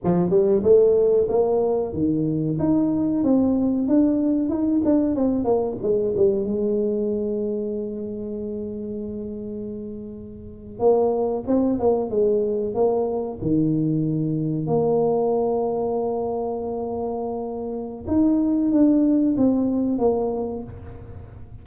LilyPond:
\new Staff \with { instrumentName = "tuba" } { \time 4/4 \tempo 4 = 93 f8 g8 a4 ais4 dis4 | dis'4 c'4 d'4 dis'8 d'8 | c'8 ais8 gis8 g8 gis2~ | gis1~ |
gis8. ais4 c'8 ais8 gis4 ais16~ | ais8. dis2 ais4~ ais16~ | ais1 | dis'4 d'4 c'4 ais4 | }